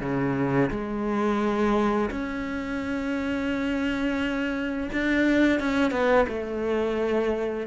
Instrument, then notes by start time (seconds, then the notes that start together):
cello
0.00 C#3
0.70 G#3
2.10 C#4
4.92 D4
5.59 C#4
5.91 B3
6.28 A3